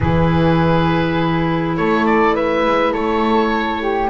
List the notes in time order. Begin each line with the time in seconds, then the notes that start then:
0.00 E3 E4 G#4 B4
1.76 A3 A4 C#5
2.06 D5
2.34 B4 E5
2.66 G#3
2.92 A3 A4 C#5
3.81 G4